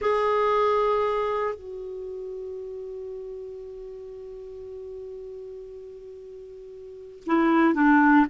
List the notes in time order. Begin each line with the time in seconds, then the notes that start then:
0.01 G#4
1.54 F#4
7.26 E4
7.74 D4